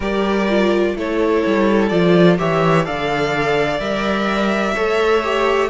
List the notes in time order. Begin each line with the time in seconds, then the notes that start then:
0.00 G3 G4 A#4 D5
0.48 F4
0.94 A3 E4 A4 C#5
1.46 G3
1.88 F3 F4 D5
2.38 E3 G4 C#5 E5
2.84 D3 A4 D5 F5
3.79 G3 A#4 E5
4.74 A3 A4 C#5
5.22 G4